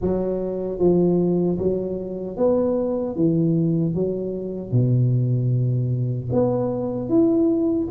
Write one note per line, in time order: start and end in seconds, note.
0.01 0.79 F#3
0.79 1.58 F3
1.58 2.36 F#3
2.36 3.15 B3
3.15 3.94 E3
3.94 4.72 F#3
4.72 6.29 B2
6.32 7.09 B3
7.09 7.88 E4